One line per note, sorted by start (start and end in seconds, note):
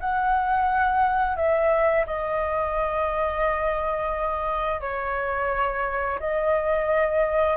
0.00 1.36 F#5
1.36 2.05 E5
2.07 4.81 D#5
4.81 6.19 C#5
6.20 7.57 D#5